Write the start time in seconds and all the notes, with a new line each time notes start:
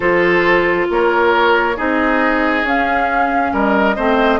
0.00 F3 F4 A4 C5
0.90 A#3 A#4 C#5
1.76 C4 D#4 G#4 D#5
2.63 C#4 F5
3.53 G3 A#4 D#5
3.96 A3 C4 C5